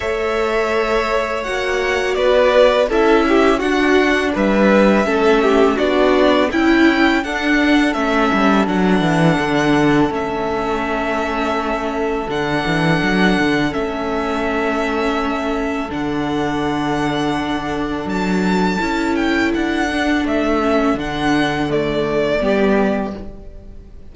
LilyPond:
<<
  \new Staff \with { instrumentName = "violin" } { \time 4/4 \tempo 4 = 83 e''2 fis''4 d''4 | e''4 fis''4 e''2 | d''4 g''4 fis''4 e''4 | fis''2 e''2~ |
e''4 fis''2 e''4~ | e''2 fis''2~ | fis''4 a''4. g''8 fis''4 | e''4 fis''4 d''2 | }
  \new Staff \with { instrumentName = "violin" } { \time 4/4 cis''2. b'4 | a'8 g'8 fis'4 b'4 a'8 g'8 | fis'4 e'4 a'2~ | a'1~ |
a'1~ | a'1~ | a'1~ | a'2. g'4 | }
  \new Staff \with { instrumentName = "viola" } { \time 4/4 a'2 fis'2 | e'4 d'2 cis'4 | d'4 e'4 d'4 cis'4 | d'2 cis'2~ |
cis'4 d'2 cis'4~ | cis'2 d'2~ | d'2 e'4. d'8~ | d'8 cis'8 d'4 a4 b4 | }
  \new Staff \with { instrumentName = "cello" } { \time 4/4 a2 ais4 b4 | cis'4 d'4 g4 a4 | b4 cis'4 d'4 a8 g8 | fis8 e8 d4 a2~ |
a4 d8 e8 fis8 d8 a4~ | a2 d2~ | d4 fis4 cis'4 d'4 | a4 d2 g4 | }
>>